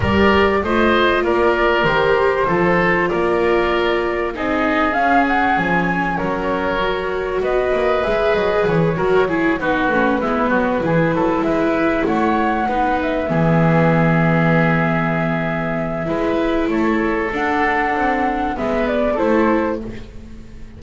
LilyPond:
<<
  \new Staff \with { instrumentName = "flute" } { \time 4/4 \tempo 4 = 97 d''4 dis''4 d''4 c''4~ | c''4 d''2 dis''4 | f''8 fis''8 gis''4 cis''2 | dis''4 e''8 dis''8 cis''4. b'8~ |
b'2~ b'8 e''4 fis''8~ | fis''4 e''2.~ | e''2. cis''4 | fis''2 e''8 d''8 c''4 | }
  \new Staff \with { instrumentName = "oboe" } { \time 4/4 ais'4 c''4 ais'2 | a'4 ais'2 gis'4~ | gis'2 ais'2 | b'2~ b'8 ais'8 gis'8 fis'8~ |
fis'8 e'8 fis'8 gis'8 a'8 b'4 cis''8~ | cis''8 b'4 gis'2~ gis'8~ | gis'2 b'4 a'4~ | a'2 b'4 a'4 | }
  \new Staff \with { instrumentName = "viola" } { \time 4/4 g'4 f'2 g'4 | f'2. dis'4 | cis'2. fis'4~ | fis'4 gis'4. fis'8 e'8 dis'8 |
cis'8 b4 e'2~ e'8~ | e'8 dis'4 b2~ b8~ | b2 e'2 | d'2 b4 e'4 | }
  \new Staff \with { instrumentName = "double bass" } { \time 4/4 g4 a4 ais4 dis4 | f4 ais2 c'4 | cis'4 f4 fis2 | b8 ais8 gis8 fis8 e8 fis4 b8 |
a8 gis8 fis8 e8 fis8 gis4 a8~ | a8 b4 e2~ e8~ | e2 gis4 a4 | d'4 c'4 gis4 a4 | }
>>